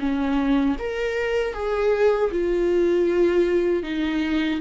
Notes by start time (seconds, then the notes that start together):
0.00 C#4
0.79 A#4
1.54 G#4
2.32 F4
3.84 D#4